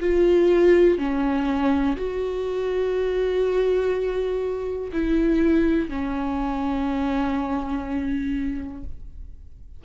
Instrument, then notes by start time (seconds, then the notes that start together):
viola
0.00 F4
0.98 C#4
1.97 F#4
4.93 E4
5.89 C#4